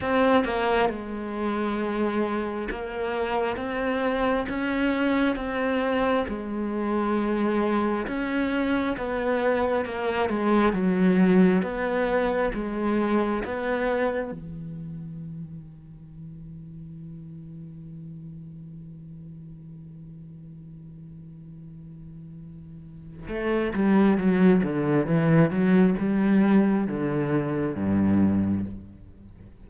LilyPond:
\new Staff \with { instrumentName = "cello" } { \time 4/4 \tempo 4 = 67 c'8 ais8 gis2 ais4 | c'4 cis'4 c'4 gis4~ | gis4 cis'4 b4 ais8 gis8 | fis4 b4 gis4 b4 |
e1~ | e1~ | e2 a8 g8 fis8 d8 | e8 fis8 g4 d4 g,4 | }